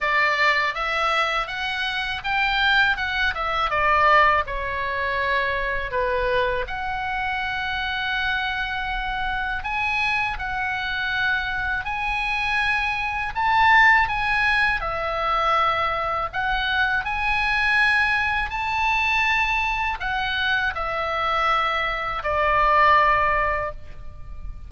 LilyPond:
\new Staff \with { instrumentName = "oboe" } { \time 4/4 \tempo 4 = 81 d''4 e''4 fis''4 g''4 | fis''8 e''8 d''4 cis''2 | b'4 fis''2.~ | fis''4 gis''4 fis''2 |
gis''2 a''4 gis''4 | e''2 fis''4 gis''4~ | gis''4 a''2 fis''4 | e''2 d''2 | }